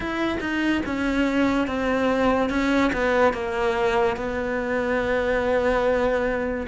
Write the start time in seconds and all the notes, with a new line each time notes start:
0.00 E4
0.40 D#4
0.85 C#4
1.67 C4
2.49 C#4
2.92 B3
3.33 A#3
4.16 B3